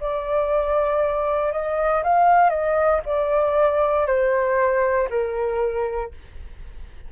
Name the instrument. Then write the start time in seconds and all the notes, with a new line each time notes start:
flute
0.00 D5
1.52 D#5
2.03 F5
2.50 D#5
3.06 D5
4.07 C5
5.10 A#4